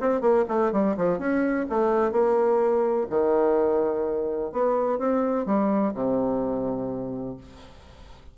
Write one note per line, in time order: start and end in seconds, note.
0.00 0.21 C4
0.21 0.44 A#3
0.48 0.72 A3
0.72 0.96 G3
0.97 1.18 F3
1.18 1.66 C#4
1.69 2.11 A3
2.11 3.06 A#3
3.10 4.52 D#3
4.52 4.98 B3
4.98 5.45 C4
5.45 5.93 G3
5.94 7.37 C3